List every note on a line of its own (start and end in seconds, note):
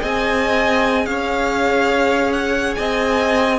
0.00 1.07 C4
0.00 3.59 G#4
0.00 1.06 D#5
0.00 1.06 G#5
1.06 2.76 C#4
1.06 2.78 C#5
1.06 2.32 F5
2.32 2.74 F#5
2.75 3.59 C4
2.75 3.59 D#5
2.75 3.59 G#5